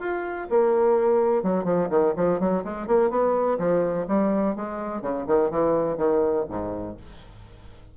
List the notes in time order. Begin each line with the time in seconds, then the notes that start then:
0.00 F4
0.50 A#3
1.43 F#3
1.65 F3
1.90 D#3
2.16 F3
2.40 F#3
2.64 G#3
2.87 A#3
3.10 B3
3.58 F3
4.08 G3
4.56 G#3
5.02 C#3
5.27 D#3
5.51 E3
5.97 D#3
6.49 G#2